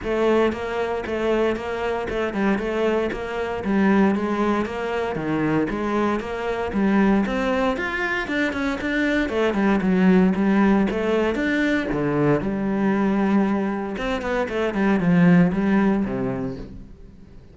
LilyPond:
\new Staff \with { instrumentName = "cello" } { \time 4/4 \tempo 4 = 116 a4 ais4 a4 ais4 | a8 g8 a4 ais4 g4 | gis4 ais4 dis4 gis4 | ais4 g4 c'4 f'4 |
d'8 cis'8 d'4 a8 g8 fis4 | g4 a4 d'4 d4 | g2. c'8 b8 | a8 g8 f4 g4 c4 | }